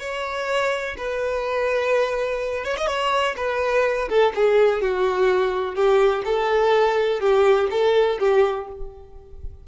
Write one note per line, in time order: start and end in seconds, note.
0.00 0.96 C#5
0.98 2.65 B4
2.65 2.77 C#5
2.78 2.87 D#5
2.87 3.35 C#5
3.37 4.09 B4
4.09 4.33 A4
4.35 4.82 G#4
4.82 5.75 F#4
5.75 6.23 G4
6.26 7.21 A4
7.21 7.69 G4
7.71 8.19 A4
8.20 8.68 G4